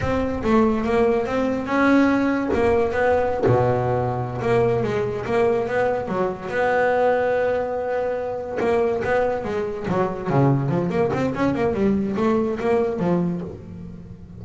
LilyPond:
\new Staff \with { instrumentName = "double bass" } { \time 4/4 \tempo 4 = 143 c'4 a4 ais4 c'4 | cis'2 ais4 b4~ | b16 b,2~ b,16 ais4 gis8~ | gis8 ais4 b4 fis4 b8~ |
b1~ | b8 ais4 b4 gis4 fis8~ | fis8 cis4 f8 ais8 c'8 cis'8 ais8 | g4 a4 ais4 f4 | }